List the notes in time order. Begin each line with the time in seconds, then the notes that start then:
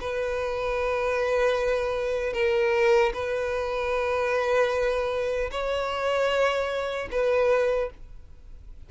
0.00 B4
2.33 A#4
3.13 B4
5.51 C#5
7.11 B4